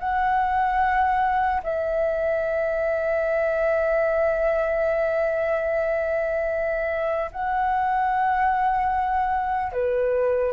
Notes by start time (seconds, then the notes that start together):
0.00 F#5
1.64 E5
7.32 F#5
9.73 B4